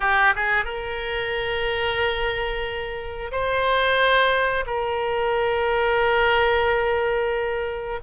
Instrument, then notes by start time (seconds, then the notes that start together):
oboe
0.00 G4
0.35 G#4
0.64 A#4
3.31 C5
4.66 A#4